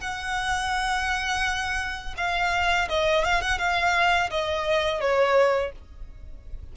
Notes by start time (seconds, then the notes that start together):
0.00 F#5
2.17 F5
2.89 D#5
3.24 F5
3.41 F#5
3.58 F5
4.30 D#5
5.00 C#5